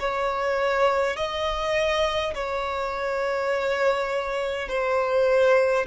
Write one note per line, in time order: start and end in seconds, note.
0.00 1.17 C#5
1.17 2.34 D#5
2.35 4.68 C#5
4.68 5.86 C5